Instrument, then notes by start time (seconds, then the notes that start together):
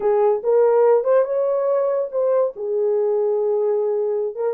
horn
0.00 G#4
0.43 A#4
1.04 C5
1.24 C#5
2.11 C5
2.56 G#4
4.35 A#4